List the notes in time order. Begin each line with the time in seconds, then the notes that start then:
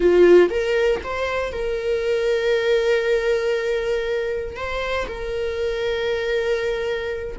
0.00 F4
0.49 A#4
1.03 C5
1.52 A#4
4.56 C5
5.07 A#4